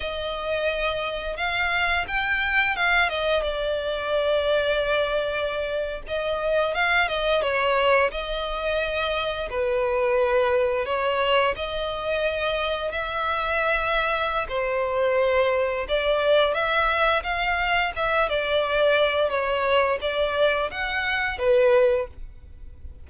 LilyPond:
\new Staff \with { instrumentName = "violin" } { \time 4/4 \tempo 4 = 87 dis''2 f''4 g''4 | f''8 dis''8 d''2.~ | d''8. dis''4 f''8 dis''8 cis''4 dis''16~ | dis''4.~ dis''16 b'2 cis''16~ |
cis''8. dis''2 e''4~ e''16~ | e''4 c''2 d''4 | e''4 f''4 e''8 d''4. | cis''4 d''4 fis''4 b'4 | }